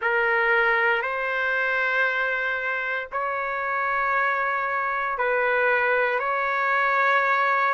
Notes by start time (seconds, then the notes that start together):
0.01 A#4
1.02 C5
3.11 C#5
5.17 B4
6.19 C#5